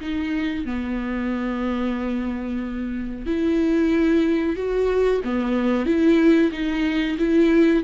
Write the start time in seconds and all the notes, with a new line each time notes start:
0.00 D#4
0.65 B3
3.26 E4
4.56 F#4
5.24 B3
5.85 E4
6.51 D#4
7.18 E4